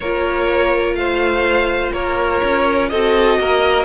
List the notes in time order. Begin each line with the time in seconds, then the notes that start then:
0.00 A#3 F4 A#4 C#5
0.94 A3 C5 F5
1.93 A#3 A#4 C#5
2.43 C#4
2.89 C4 F#4 A4 D#5
3.38 A#3 A#4